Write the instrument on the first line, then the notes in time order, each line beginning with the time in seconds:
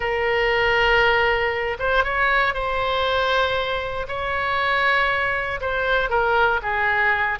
oboe
0.00 A#4
1.79 C5
2.03 C#5
2.54 C5
4.08 C#5
5.60 C5
6.09 A#4
6.62 G#4